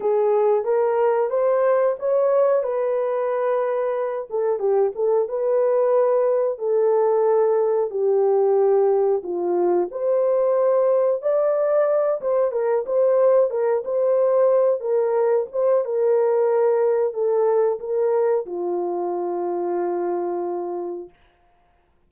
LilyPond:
\new Staff \with { instrumentName = "horn" } { \time 4/4 \tempo 4 = 91 gis'4 ais'4 c''4 cis''4 | b'2~ b'8 a'8 g'8 a'8 | b'2 a'2 | g'2 f'4 c''4~ |
c''4 d''4. c''8 ais'8 c''8~ | c''8 ais'8 c''4. ais'4 c''8 | ais'2 a'4 ais'4 | f'1 | }